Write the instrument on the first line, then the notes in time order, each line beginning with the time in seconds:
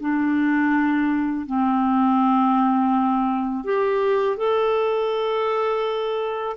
clarinet
0.00 D4
1.46 C4
3.64 G4
4.37 A4